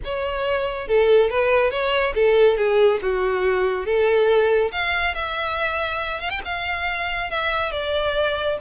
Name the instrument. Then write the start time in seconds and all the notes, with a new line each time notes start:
violin
0.04 C#5
0.87 A4
1.30 B4
1.70 C#5
2.14 A4
2.57 G#4
3.01 F#4
3.85 A4
4.71 F5
5.14 E5
6.20 F5
6.30 G5
6.44 F5
7.30 E5
7.71 D5